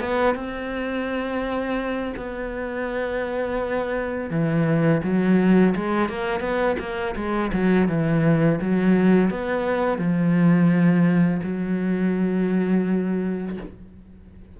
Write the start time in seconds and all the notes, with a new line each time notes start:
0.00 B3
0.34 C4
2.16 B3
4.30 E3
5.03 F#3
5.75 G#3
6.09 A#3
6.40 B3
6.79 A#3
7.15 G#3
7.53 F#3
7.88 E3
8.61 F#3
9.30 B3
9.98 F3
11.43 F#3